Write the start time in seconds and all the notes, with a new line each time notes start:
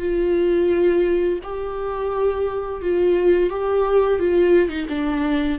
0.00 F4
1.43 G4
2.82 F4
3.50 G4
4.19 F4
4.69 D#4
4.89 D4